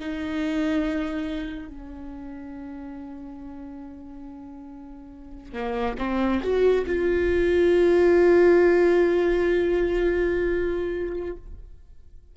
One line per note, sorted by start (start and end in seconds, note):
0.00 1.69 D#4
1.69 5.53 C#4
5.53 5.96 A#3
5.98 6.41 C4
6.42 6.85 F#4
6.86 11.36 F4